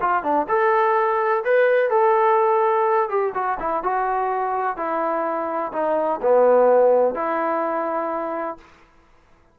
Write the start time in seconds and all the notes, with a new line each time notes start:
0.00 F4
0.23 D4
0.48 A4
1.44 B4
1.90 A4
3.09 G4
3.34 F#4
3.59 E4
3.83 F#4
4.76 E4
5.72 D#4
6.22 B3
7.14 E4